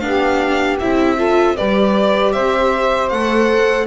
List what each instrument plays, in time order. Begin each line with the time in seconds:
0.00 double bass B3, viola D4, saxophone G4, violin F5
0.80 double bass C4, viola E4, violin E5
1.17 viola F4, saxophone A4
1.57 double bass G3, viola G4, saxophone B4, violin D5
2.33 double bass C4, saxophone C5, violin E5
3.10 double bass A3, viola A4, violin F#5